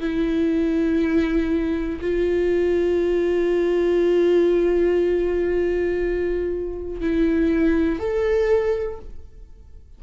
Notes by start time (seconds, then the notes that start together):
0.00 E4
2.01 F4
7.01 E4
8.00 A4